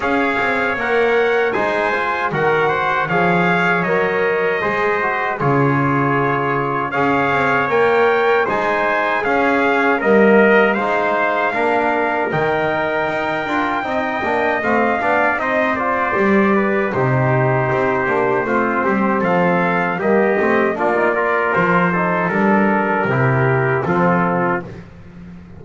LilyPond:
<<
  \new Staff \with { instrumentName = "trumpet" } { \time 4/4 \tempo 4 = 78 f''4 fis''4 gis''4 fis''4 | f''4 dis''2 cis''4~ | cis''4 f''4 g''4 gis''4 | f''4 dis''4 f''2 |
g''2. f''4 | dis''8 d''4. c''2~ | c''4 f''4 dis''4 d''4 | c''4 ais'2 a'4 | }
  \new Staff \with { instrumentName = "trumpet" } { \time 4/4 cis''2 c''4 ais'8 c''8 | cis''2 c''4 gis'4~ | gis'4 cis''2 c''4 | gis'4 ais'4 c''4 ais'4~ |
ais'2 dis''4. d''8 | c''4. b'8 g'2 | f'8 g'8 a'4 g'4 f'8 ais'8~ | ais'8 a'4. g'4 f'4 | }
  \new Staff \with { instrumentName = "trombone" } { \time 4/4 gis'4 ais'4 dis'8 f'8 fis'4 | gis'4 ais'4 gis'8 fis'8 f'4~ | f'4 gis'4 ais'4 dis'4 | cis'4 ais4 dis'4 d'4 |
dis'4. f'8 dis'8 d'8 c'8 d'8 | dis'8 f'8 g'4 dis'4. d'8 | c'2 ais8 c'8 d'16 dis'16 f'8~ | f'8 dis'8 d'4 e'4 c'4 | }
  \new Staff \with { instrumentName = "double bass" } { \time 4/4 cis'8 c'8 ais4 gis4 dis4 | f4 fis4 gis4 cis4~ | cis4 cis'8 c'8 ais4 gis4 | cis'4 g4 gis4 ais4 |
dis4 dis'8 d'8 c'8 ais8 a8 b8 | c'4 g4 c4 c'8 ais8 | a8 g8 f4 g8 a8 ais4 | f4 g4 c4 f4 | }
>>